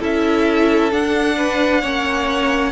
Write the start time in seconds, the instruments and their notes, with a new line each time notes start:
0.00 cello C#4, viola E4, violin A4 E5
0.91 viola D4, cello D4, violin F#5
1.37 violin B4
1.82 cello A#3, viola C#4, violin C#5